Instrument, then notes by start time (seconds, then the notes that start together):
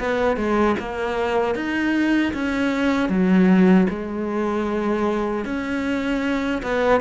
cello
0.00 B3
0.37 G#3
0.80 A#3
1.55 D#4
2.34 C#4
3.10 F#3
3.90 G#3
5.45 C#4
6.63 B3